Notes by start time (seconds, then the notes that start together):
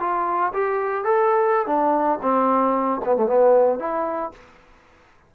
0.00 F4
0.53 G4
1.04 A4
1.67 D4
2.22 C4
3.05 B3
3.17 A3
3.27 B3
3.79 E4